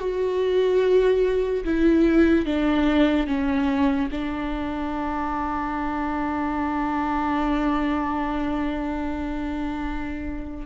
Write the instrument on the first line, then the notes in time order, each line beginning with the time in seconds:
viola
0.00 F#4
1.65 E4
2.46 D4
3.27 C#4
4.12 D4